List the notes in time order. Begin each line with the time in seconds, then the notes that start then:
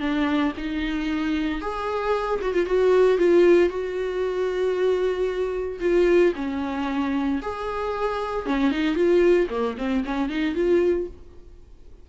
0.00 D4
0.57 D#4
1.61 G#4
2.42 F#4
2.54 F4
2.66 F#4
3.18 F4
3.69 F#4
5.81 F4
6.36 C#4
7.42 G#4
8.46 C#4
8.72 D#4
8.95 F4
9.50 A#3
9.78 C4
10.05 C#4
10.29 D#4
10.55 F4